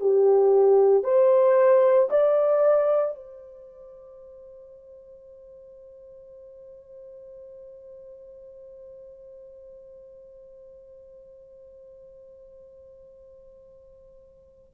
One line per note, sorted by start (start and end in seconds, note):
0.00 1.03 G4
1.03 2.09 C5
2.10 3.15 D5
3.15 14.73 C5